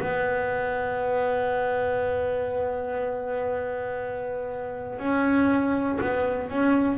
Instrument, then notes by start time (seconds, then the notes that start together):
double bass
0.00 B3
4.99 C#4
6.01 B3
6.50 C#4